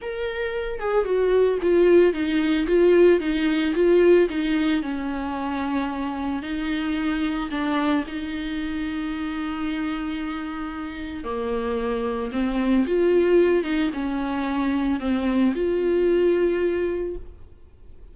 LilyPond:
\new Staff \with { instrumentName = "viola" } { \time 4/4 \tempo 4 = 112 ais'4. gis'8 fis'4 f'4 | dis'4 f'4 dis'4 f'4 | dis'4 cis'2. | dis'2 d'4 dis'4~ |
dis'1~ | dis'4 ais2 c'4 | f'4. dis'8 cis'2 | c'4 f'2. | }